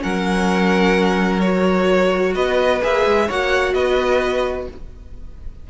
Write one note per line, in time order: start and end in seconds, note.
0.00 2.35 F#3
0.00 1.40 C#4
0.00 2.35 A#4
0.00 1.40 F#5
1.40 2.82 F#4
1.40 2.33 C#5
2.35 2.82 B3
2.35 3.27 B4
2.35 2.82 D#5
2.82 3.06 A#3
2.82 3.29 G#4
2.82 3.31 E5
3.06 3.29 G#3
3.27 3.74 A#3
3.27 4.70 F#4
3.27 3.73 C#5
3.27 3.74 F#5
3.74 4.67 B3
3.74 4.68 B4
3.74 4.67 D#5